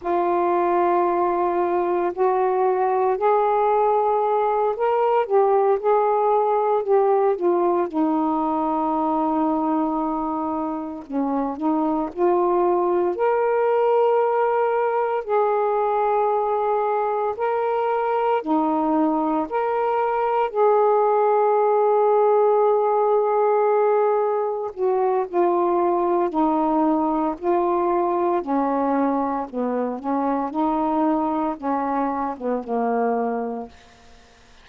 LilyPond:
\new Staff \with { instrumentName = "saxophone" } { \time 4/4 \tempo 4 = 57 f'2 fis'4 gis'4~ | gis'8 ais'8 g'8 gis'4 g'8 f'8 dis'8~ | dis'2~ dis'8 cis'8 dis'8 f'8~ | f'8 ais'2 gis'4.~ |
gis'8 ais'4 dis'4 ais'4 gis'8~ | gis'2.~ gis'8 fis'8 | f'4 dis'4 f'4 cis'4 | b8 cis'8 dis'4 cis'8. b16 ais4 | }